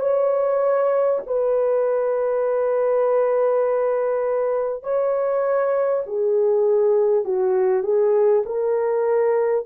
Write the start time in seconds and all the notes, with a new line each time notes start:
0.00 C#5
1.27 B4
4.83 C#5
6.07 G#4
7.25 F#4
7.83 G#4
8.45 A#4